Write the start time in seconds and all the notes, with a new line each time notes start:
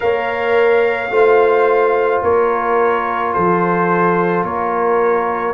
0.00 A#3 A#4 C#5 F5
1.10 A3 F4 C5
2.22 A#3 A#4 C#5
3.33 F3 A4 C5
4.43 A#3 A#4 C#5